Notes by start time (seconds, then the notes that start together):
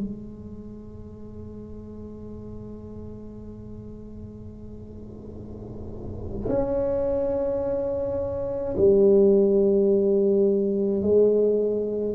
0.00 G#3
6.48 C#4
8.77 G3
11.02 G#3